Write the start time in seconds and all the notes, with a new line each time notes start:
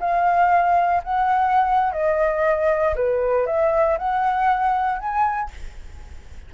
0.00 F5
1.04 F#5
1.92 D#5
2.96 B4
3.46 E5
3.98 F#5
4.99 G#5